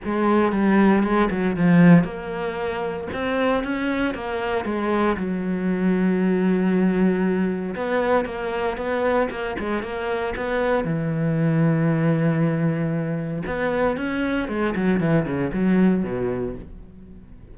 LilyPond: \new Staff \with { instrumentName = "cello" } { \time 4/4 \tempo 4 = 116 gis4 g4 gis8 fis8 f4 | ais2 c'4 cis'4 | ais4 gis4 fis2~ | fis2. b4 |
ais4 b4 ais8 gis8 ais4 | b4 e2.~ | e2 b4 cis'4 | gis8 fis8 e8 cis8 fis4 b,4 | }